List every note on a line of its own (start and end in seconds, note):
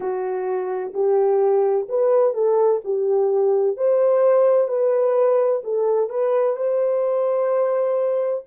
0.00 0.92 F#4
0.93 1.87 G4
1.88 2.34 B4
2.34 2.80 A4
2.84 3.77 G4
3.77 4.67 C5
4.67 5.61 B4
5.63 6.09 A4
6.09 6.56 B4
6.56 8.43 C5